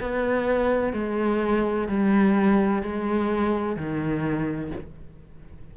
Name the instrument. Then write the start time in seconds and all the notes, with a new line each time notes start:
cello
0.00 B3
0.93 G#3
1.88 G3
2.82 G#3
3.76 D#3